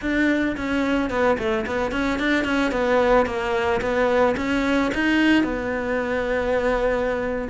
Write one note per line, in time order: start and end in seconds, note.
0.01 0.56 D4
0.56 1.10 C#4
1.10 1.37 B3
1.38 1.65 A3
1.66 1.91 B3
1.91 2.19 C#4
2.19 2.44 D4
2.44 2.71 C#4
2.71 3.26 B3
3.26 3.80 A#3
3.81 4.35 B3
4.36 4.91 C#4
4.94 5.43 D#4
5.43 7.48 B3